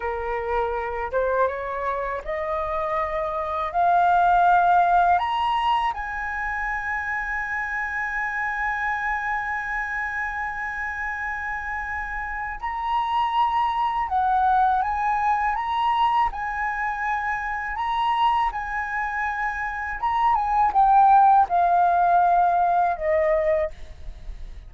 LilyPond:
\new Staff \with { instrumentName = "flute" } { \time 4/4 \tempo 4 = 81 ais'4. c''8 cis''4 dis''4~ | dis''4 f''2 ais''4 | gis''1~ | gis''1~ |
gis''4 ais''2 fis''4 | gis''4 ais''4 gis''2 | ais''4 gis''2 ais''8 gis''8 | g''4 f''2 dis''4 | }